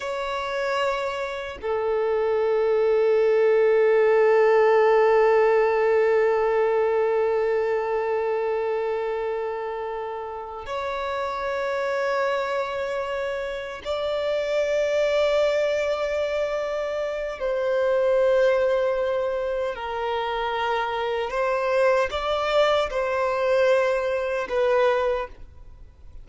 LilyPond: \new Staff \with { instrumentName = "violin" } { \time 4/4 \tempo 4 = 76 cis''2 a'2~ | a'1~ | a'1~ | a'4. cis''2~ cis''8~ |
cis''4. d''2~ d''8~ | d''2 c''2~ | c''4 ais'2 c''4 | d''4 c''2 b'4 | }